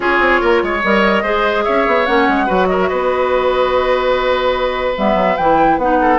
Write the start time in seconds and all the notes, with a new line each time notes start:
0.00 C#4 F4 G#4 C#5
0.19 C4
0.40 A#3 A#4
0.63 G#3 C#5
0.82 G3 A#4 D#5
1.22 G#3 G#4 C5
1.64 C#4 C#5 E5
1.86 B3
2.05 A#3 C#4 F#5
2.28 G#3
2.46 F#3 F#4 B4
2.66 A#4 D#5
2.81 E5
2.88 B3 B4 D#5
4.97 G3 B3 E5
5.14 F#3
5.36 E3 E4 G5
5.77 B3 D#4 F#5
6.00 A4